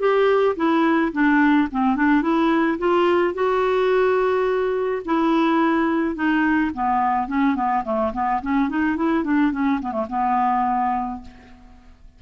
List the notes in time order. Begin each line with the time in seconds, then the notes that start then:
0.00 G4
0.56 E4
1.13 D4
1.72 C4
1.96 D4
2.23 E4
2.79 F4
3.34 F#4
5.06 E4
6.16 D#4
6.74 B3
7.28 C#4
7.56 B3
7.85 A3
8.14 B3
8.42 C#4
8.70 D#4
8.97 E4
9.24 D4
9.53 C#4
9.82 B3
9.93 A3
10.10 B3